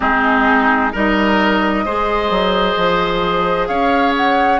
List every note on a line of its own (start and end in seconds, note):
0.00 0.93 G#3
0.00 0.92 C4
0.00 0.92 D#4
0.00 0.93 G#4
0.92 1.85 G3
0.92 1.85 D#4
0.92 1.84 A#4
0.92 3.67 D#5
1.85 2.30 G#3
1.85 4.59 G#4
1.85 3.68 C5
2.30 2.76 F#3
2.76 3.68 F3
3.67 4.59 C#4
3.67 4.59 C#5
3.67 4.13 F5
4.16 4.59 F#5